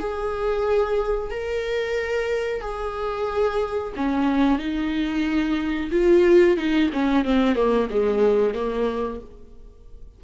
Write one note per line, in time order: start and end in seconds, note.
0.00 1.31 G#4
1.31 2.61 A#4
2.61 3.93 G#4
3.96 4.59 C#4
4.59 5.91 D#4
5.91 6.57 F4
6.58 6.91 D#4
6.94 7.25 C#4
7.25 7.56 C4
7.56 7.89 A#3
7.90 8.55 G#3
8.55 9.21 A#3